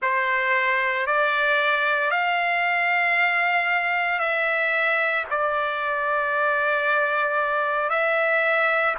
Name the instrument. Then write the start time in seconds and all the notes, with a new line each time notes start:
trumpet
0.01 C5
1.06 D5
2.11 F5
4.19 E5
5.30 D5
7.89 E5